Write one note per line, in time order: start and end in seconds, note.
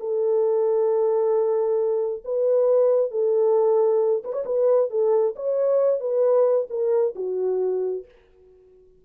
0.00 2.24 A4
2.25 3.11 B4
3.11 4.23 A4
4.24 4.33 B4
4.33 4.44 C#5
4.46 4.91 B4
4.91 5.35 A4
5.36 6.00 C#5
6.00 6.68 B4
6.70 7.15 A#4
7.16 8.05 F#4